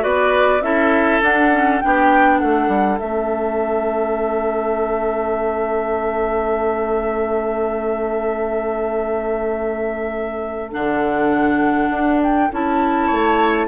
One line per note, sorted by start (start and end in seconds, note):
0.00 0.61 B3
0.00 0.59 F#4
0.00 0.62 B4
0.00 0.62 D5
0.61 1.20 C#4
0.61 1.22 E4
0.61 1.83 A4
0.61 1.21 E5
1.22 1.81 D4
1.22 1.51 D4
1.22 1.80 F#5
1.51 1.81 C#4
1.80 2.41 B3
1.80 3.00 D4
1.80 2.39 G4
1.80 2.39 G5
2.39 2.68 A3
2.39 13.06 A4
2.39 2.98 F#5
2.68 2.97 G3
2.98 10.73 A3
2.98 10.71 C#4
2.98 10.71 E5
10.71 11.89 D3
10.71 12.50 D4
10.71 12.21 F#5
11.89 12.49 D4
12.22 12.52 G5
12.52 13.11 C#4
12.52 13.67 E4
12.52 13.67 A5
13.06 13.67 A3
13.06 13.66 C#5